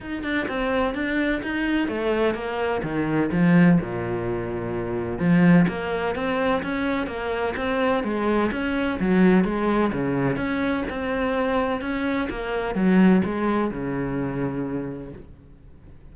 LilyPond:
\new Staff \with { instrumentName = "cello" } { \time 4/4 \tempo 4 = 127 dis'8 d'8 c'4 d'4 dis'4 | a4 ais4 dis4 f4 | ais,2. f4 | ais4 c'4 cis'4 ais4 |
c'4 gis4 cis'4 fis4 | gis4 cis4 cis'4 c'4~ | c'4 cis'4 ais4 fis4 | gis4 cis2. | }